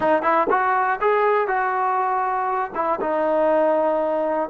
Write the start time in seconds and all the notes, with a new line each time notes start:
0.00 D#4
0.22 E4
0.50 F#4
1.00 G#4
1.47 F#4
2.74 E4
3.00 D#4